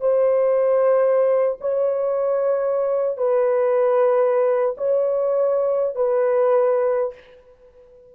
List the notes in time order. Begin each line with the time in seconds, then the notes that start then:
0.00 C5
1.60 C#5
3.17 B4
4.77 C#5
5.95 B4